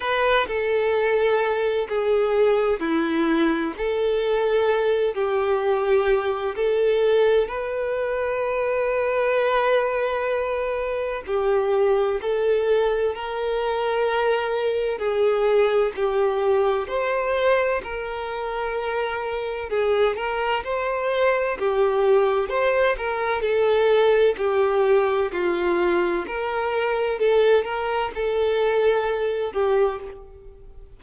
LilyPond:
\new Staff \with { instrumentName = "violin" } { \time 4/4 \tempo 4 = 64 b'8 a'4. gis'4 e'4 | a'4. g'4. a'4 | b'1 | g'4 a'4 ais'2 |
gis'4 g'4 c''4 ais'4~ | ais'4 gis'8 ais'8 c''4 g'4 | c''8 ais'8 a'4 g'4 f'4 | ais'4 a'8 ais'8 a'4. g'8 | }